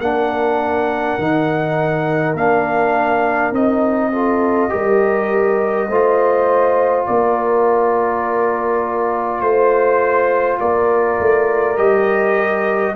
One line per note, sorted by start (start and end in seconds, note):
0.00 1.18 A#3
0.00 1.21 D4
0.00 4.12 A#4
0.00 2.36 F#5
1.18 2.35 D#3
1.18 2.38 D#4
2.35 3.52 A#3
2.35 3.53 D4
2.35 3.55 F5
3.52 4.70 C4
3.52 4.12 D#4
3.52 7.07 D#5
4.12 4.70 F4
4.12 4.72 A4
4.70 5.89 G3
4.70 5.87 G4
4.70 5.90 A#4
5.89 7.07 A3
5.89 11.77 F4
5.89 7.07 C5
7.07 9.41 A#3
7.07 9.43 A#4
7.07 9.41 D5
9.41 10.59 A3
9.41 10.59 C5
9.41 10.60 C5
10.60 11.19 A#3
10.60 12.95 A#4
10.60 11.78 D5
11.20 11.78 A3
11.77 12.96 G3
11.77 12.95 G4
11.77 12.96 D#5